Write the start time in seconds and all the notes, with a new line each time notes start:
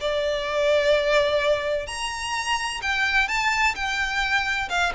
0.00 D5
1.86 A#5
2.82 G5
3.27 A5
3.75 G5
4.69 F5